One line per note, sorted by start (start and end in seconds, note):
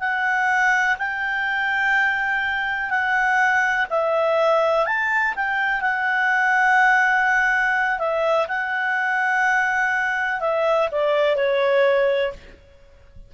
0.00 0.97 F#5
0.98 2.90 G5
2.90 3.87 F#5
3.90 4.86 E5
4.86 5.34 A5
5.36 5.81 G5
5.81 7.99 F#5
7.99 8.47 E5
8.48 10.40 F#5
10.40 10.89 E5
10.91 11.36 D5
11.36 12.33 C#5